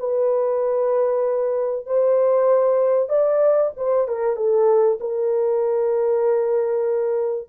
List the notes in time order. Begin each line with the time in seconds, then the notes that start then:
0.00 B4
1.87 C5
3.10 D5
3.77 C5
4.08 A#4
4.37 A4
5.01 A#4